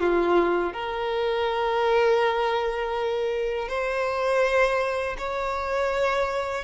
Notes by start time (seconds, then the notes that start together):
0.00 F4
0.73 A#4
3.68 C5
5.18 C#5